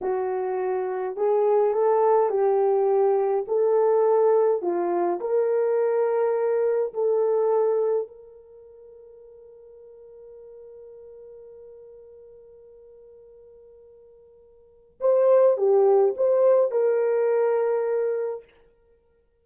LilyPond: \new Staff \with { instrumentName = "horn" } { \time 4/4 \tempo 4 = 104 fis'2 gis'4 a'4 | g'2 a'2 | f'4 ais'2. | a'2 ais'2~ |
ais'1~ | ais'1~ | ais'2 c''4 g'4 | c''4 ais'2. | }